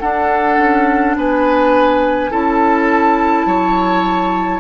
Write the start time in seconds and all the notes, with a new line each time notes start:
0.00 D4 A4 F#5
0.59 C#4
1.16 B3 B4 G#5
2.31 C#4 E4 A4 A5
3.46 F#3 C#5